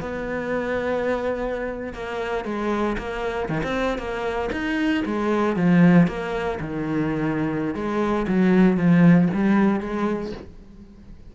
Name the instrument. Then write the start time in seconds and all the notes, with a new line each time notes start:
cello
0.00 B3
1.93 A#3
2.45 G#3
2.98 A#3
3.49 D#3
3.63 C4
3.98 A#3
4.52 D#4
5.05 G#3
5.56 F3
6.07 A#3
6.60 D#3
7.74 G#3
8.28 F#3
8.77 F3
9.34 G3
9.80 G#3